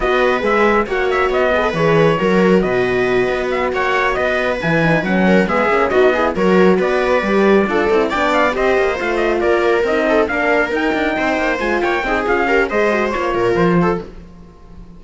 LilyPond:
<<
  \new Staff \with { instrumentName = "trumpet" } { \time 4/4 \tempo 4 = 137 dis''4 e''4 fis''8 e''8 dis''4 | cis''2 dis''2 | e''8 fis''4 dis''4 gis''4 fis''8~ | fis''8 e''4 dis''4 cis''4 d''8~ |
d''2~ d''8 g''8 f''8 dis''8~ | dis''8 f''8 dis''8 d''4 dis''4 f''8~ | f''8 g''2 gis''8 g''4 | f''4 dis''4 cis''4 c''4 | }
  \new Staff \with { instrumentName = "viola" } { \time 4/4 b'2 cis''4. b'8~ | b'4 ais'4 b'2~ | b'8 cis''4 b'2~ b'8 | ais'8 gis'4 fis'8 gis'8 ais'4 b'8~ |
b'4. a'4 d''4 c''8~ | c''4. ais'4. a'8 ais'8~ | ais'4. c''4. cis''8 gis'8~ | gis'8 ais'8 c''4. ais'4 a'8 | }
  \new Staff \with { instrumentName = "horn" } { \time 4/4 fis'4 gis'4 fis'4. gis'16 a'16 | gis'4 fis'2.~ | fis'2~ fis'8 e'8 dis'8 cis'8~ | cis'8 b8 cis'8 dis'8 e'8 fis'4.~ |
fis'8 g'4 f'8 e'8 d'4 g'8~ | g'8 f'2 dis'4 d'8~ | d'8 dis'2 f'4 dis'8 | f'8 g'8 gis'8 fis'8 f'2 | }
  \new Staff \with { instrumentName = "cello" } { \time 4/4 b4 gis4 ais4 b4 | e4 fis4 b,4. b8~ | b8 ais4 b4 e4 fis8~ | fis8 gis8 ais8 b4 fis4 b8~ |
b8 g4 d'8 c'8 b4 c'8 | ais8 a4 ais4 c'4 ais8~ | ais8 dis'8 d'8 c'8 ais8 gis8 ais8 c'8 | cis'4 gis4 ais8 ais,8 f4 | }
>>